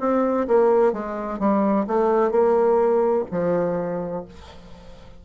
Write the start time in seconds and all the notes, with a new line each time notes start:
0.00 C4
0.48 A#3
0.92 G#3
1.39 G3
1.87 A3
2.31 A#3
3.31 F3